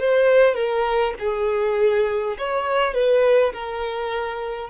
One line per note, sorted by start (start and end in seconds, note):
0.00 0.56 C5
0.56 1.14 A#4
1.20 2.37 G#4
2.39 2.94 C#5
2.94 3.53 B4
3.53 4.70 A#4